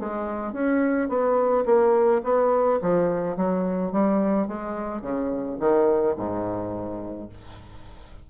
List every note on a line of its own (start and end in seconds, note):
0.00 0.53 G#3
0.53 1.09 C#4
1.09 1.65 B3
1.66 2.22 A#3
2.24 2.80 B3
2.82 3.37 F3
3.37 3.93 F#3
3.93 4.48 G3
4.48 5.02 G#3
5.02 5.58 C#3
5.60 6.16 D#3
6.17 7.29 G#2